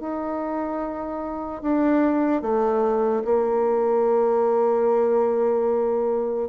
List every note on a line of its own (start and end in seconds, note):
0.00 1.62 D#4
1.62 2.42 D4
2.42 3.23 A3
3.25 6.49 A#3